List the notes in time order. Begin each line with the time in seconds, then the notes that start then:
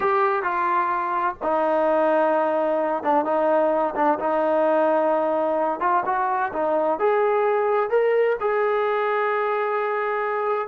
0.00 G4
0.42 F4
1.42 D#4
3.03 D4
3.24 D#4
3.95 D4
4.19 D#4
5.80 F4
6.05 F#4
6.52 D#4
6.99 G#4
7.89 A#4
8.40 G#4